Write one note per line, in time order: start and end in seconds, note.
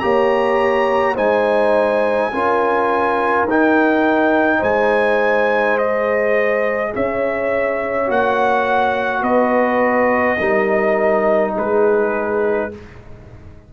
0.00 1.18 A#3
0.00 1.16 G4
0.00 1.15 C#5
0.00 1.15 A#5
1.15 2.33 G#3
1.15 2.32 D#4
1.15 2.30 C5
1.15 3.48 G#5
2.32 3.44 C#4
2.32 3.48 F4
2.32 4.59 A#4
3.44 4.59 D#4
3.50 5.80 D#4
3.50 4.63 G5
4.59 6.93 G#3
4.59 6.90 C5
4.59 5.78 G#5
5.78 8.07 G#4
5.78 6.94 D#5
6.94 8.09 C#4
6.94 9.22 C#5
6.94 8.11 E5
8.07 9.22 A#3
8.07 10.37 F#4
8.07 9.24 F#5
9.22 10.38 B3
9.22 10.38 B4
9.22 11.54 D#5
10.39 11.55 G3
10.39 12.71 D#4
10.39 11.54 A#4
11.55 12.74 G#3
11.55 12.70 G#4
11.55 12.74 B4